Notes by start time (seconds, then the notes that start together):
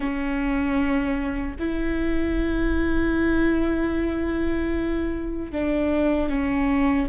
0.00 C#4
1.59 E4
5.52 D4
6.29 C#4